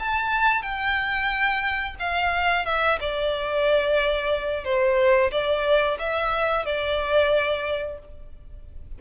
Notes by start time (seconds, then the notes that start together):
0.00 A5
0.62 G5
2.00 F5
2.66 E5
3.01 D5
4.65 C5
5.32 D5
5.99 E5
6.66 D5